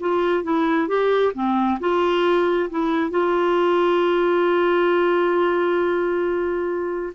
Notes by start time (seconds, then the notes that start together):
0.00 F4
0.44 E4
0.88 G4
1.34 C4
1.80 F4
2.70 E4
3.10 F4